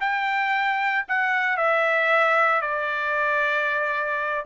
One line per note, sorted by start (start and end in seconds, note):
0.00 1.05 G5
1.08 1.57 F#5
1.57 2.61 E5
2.61 4.45 D5